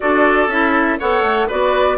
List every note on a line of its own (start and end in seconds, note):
0.00 0.47 D4
0.00 0.49 F#4
0.00 0.99 A4
0.00 0.49 D5
0.47 0.97 C#4
0.47 0.99 E4
0.47 0.99 E5
0.99 1.21 B3
0.99 1.49 A4
0.99 1.47 C#5
0.99 1.49 F#5
1.21 1.46 A3
1.47 1.98 B3
1.47 1.98 F#4
1.47 1.97 B4
1.47 1.98 D5